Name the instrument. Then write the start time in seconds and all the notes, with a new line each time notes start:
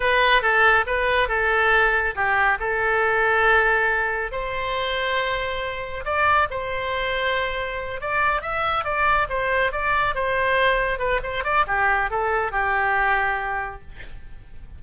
oboe
0.00 B4
0.42 A4
0.86 B4
1.28 A4
2.15 G4
2.59 A4
4.31 C5
6.05 D5
6.50 C5
8.00 D5
8.41 E5
8.84 D5
9.29 C5
9.72 D5
10.14 C5
10.98 B4
11.23 C5
11.44 D5
11.67 G4
12.10 A4
12.51 G4